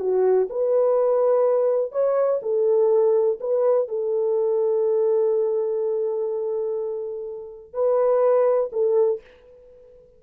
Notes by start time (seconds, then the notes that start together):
0.00 F#4
0.50 B4
1.92 C#5
2.42 A4
3.40 B4
3.89 A4
7.74 B4
8.72 A4